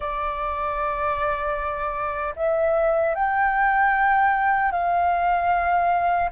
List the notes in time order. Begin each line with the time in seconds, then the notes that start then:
0.00 D5
2.35 E5
3.14 G5
4.72 F5